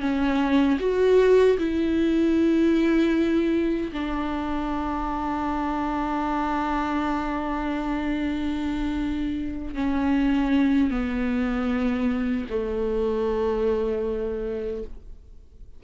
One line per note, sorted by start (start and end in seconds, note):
0.00 0.78 C#4
0.79 1.57 F#4
1.58 3.92 E4
3.92 9.74 D4
9.74 10.91 C#4
10.91 12.46 B3
12.50 14.83 A3